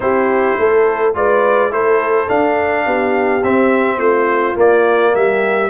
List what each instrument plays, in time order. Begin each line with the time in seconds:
0.00 tuba C4, trombone E4, horn G4, trumpet C5
0.58 tuba A3, horn A4
1.14 tuba G#3, trombone F4, horn B4, trumpet D5
1.70 tuba A3, trombone E4, horn A4, trumpet C5
2.27 trombone D4, tuba D4, trumpet F5
2.85 tuba B3, horn G4
3.43 tuba C4, trombone C4, trumpet E5
3.97 tuba A3, horn F4, trumpet C5
4.55 trombone A#3, tuba A#3, trumpet D5
5.14 tuba G3, horn G4, trumpet E5